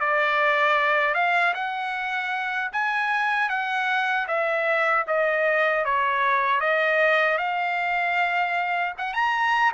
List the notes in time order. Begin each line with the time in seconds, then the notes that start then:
0.00 D5
1.14 F5
1.54 F#5
2.72 G#5
3.49 F#5
4.28 E5
5.07 D#5
5.85 C#5
6.60 D#5
7.38 F5
8.98 F#5
9.13 A#5